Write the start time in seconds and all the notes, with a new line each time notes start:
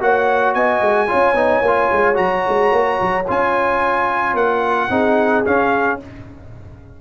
0.00 A#3 F#4 C#5 F#5
0.54 B3 D#5 G#5
0.80 G#3
1.07 C#4 F4 C#5
1.33 B3 D#4
1.61 A#3 F4
1.91 G#3
2.14 F#3 F#4 A#5
2.48 G#3
2.71 A#3
3.01 F#3
3.27 C#4 F4 G#5
4.34 A#3 F#5
4.89 C4 D#4 G#4
5.45 C#4 F5